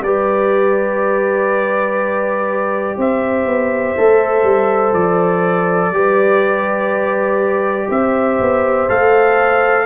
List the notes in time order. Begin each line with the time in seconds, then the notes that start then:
0.00 G3 G4 B4 D5
2.97 C4 C5 E5
3.45 B3
3.97 A3 A4
4.43 G3
4.92 F3 D5
5.91 G3 G4 B4
7.88 C4 C5 E5
8.39 B3
8.88 A3 A4 F5